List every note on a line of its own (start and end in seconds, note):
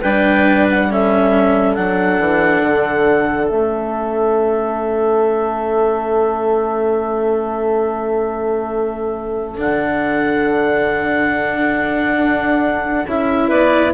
0.00 1.77 G3
0.00 0.90 D4
0.00 0.87 B4
0.00 0.67 G5
0.70 0.92 F#5
0.88 1.76 C#4
0.88 13.48 A4
0.88 1.74 E5
1.74 2.19 F#3
1.74 3.49 D4
1.74 3.47 F#5
2.19 2.61 E3
2.61 3.48 D3
3.47 9.59 A3
3.47 9.57 C#4
3.47 9.56 E5
9.57 12.17 D3
9.57 13.05 D4
9.57 13.07 F#5
12.17 13.04 D4
13.07 13.50 C#4
13.07 13.93 E4
13.07 13.50 E5
13.48 13.93 B3
13.48 13.91 B4
13.48 13.93 D5